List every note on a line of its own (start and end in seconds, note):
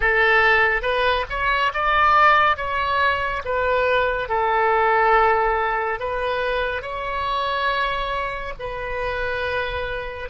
0.00 0.82 A4
0.82 1.25 B4
1.29 1.72 C#5
1.73 2.56 D5
2.56 3.42 C#5
3.44 4.29 B4
4.29 5.99 A4
5.99 6.82 B4
6.82 8.53 C#5
8.59 10.29 B4